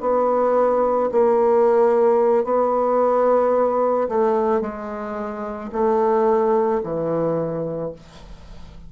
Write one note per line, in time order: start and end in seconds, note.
0.00 1.09 B3
1.11 2.44 A#3
2.44 4.08 B3
4.08 4.61 A3
4.61 5.70 G#3
5.72 6.81 A3
6.83 7.92 E3